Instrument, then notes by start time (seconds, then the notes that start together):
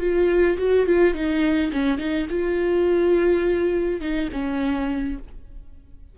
viola
0.00 F4
0.58 F#4
0.86 F4
1.14 D#4
1.72 C#4
1.98 D#4
2.30 F4
4.01 D#4
4.32 C#4